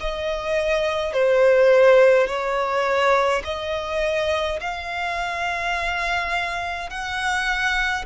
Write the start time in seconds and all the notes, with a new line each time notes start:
0.00 D#5
1.13 C5
2.27 C#5
3.44 D#5
4.60 F5
6.89 F#5